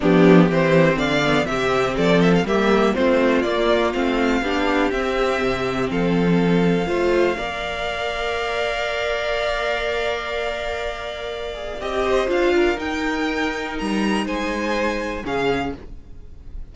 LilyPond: <<
  \new Staff \with { instrumentName = "violin" } { \time 4/4 \tempo 4 = 122 g'4 c''4 f''4 e''4 | d''8 e''16 f''16 e''4 c''4 d''4 | f''2 e''2 | f''1~ |
f''1~ | f''1 | dis''4 f''4 g''2 | ais''4 gis''2 f''4 | }
  \new Staff \with { instrumentName = "violin" } { \time 4/4 d'4 g'4 d''4 g'4 | a'4 g'4 f'2~ | f'4 g'2. | a'2 c''4 d''4~ |
d''1~ | d''1~ | d''8 c''4 ais'2~ ais'8~ | ais'4 c''2 gis'4 | }
  \new Staff \with { instrumentName = "viola" } { \time 4/4 b4 c'4. b8 c'4~ | c'4 ais4 c'4 ais4 | c'4 d'4 c'2~ | c'2 f'4 ais'4~ |
ais'1~ | ais'2.~ ais'8 gis'8 | g'4 f'4 dis'2~ | dis'2. cis'4 | }
  \new Staff \with { instrumentName = "cello" } { \time 4/4 f4 e4 d4 c4 | f4 g4 a4 ais4 | a4 b4 c'4 c4 | f2 a4 ais4~ |
ais1~ | ais1 | c'4 d'4 dis'2 | g4 gis2 cis4 | }
>>